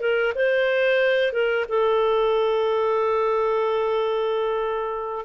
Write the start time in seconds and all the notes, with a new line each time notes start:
0.00 A#4
0.35 C5
1.32 A#4
1.69 A4